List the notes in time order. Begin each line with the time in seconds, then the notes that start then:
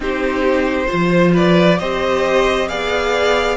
0.00 C4 D#4 G4 C5
0.86 F4 C5
0.93 F3
1.33 B4 D5
1.79 C4 G4 C5 D#5
2.68 B3 G#4 D5 F5